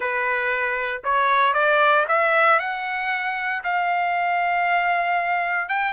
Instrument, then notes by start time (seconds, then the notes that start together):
trumpet
0.00 B4
1.03 C#5
1.53 D5
2.08 E5
2.59 F#5
3.63 F5
5.68 G5